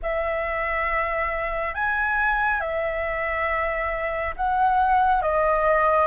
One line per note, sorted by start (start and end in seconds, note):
0.02 1.74 E5
1.74 2.60 G#5
2.60 4.34 E5
4.36 5.22 F#5
5.22 6.07 D#5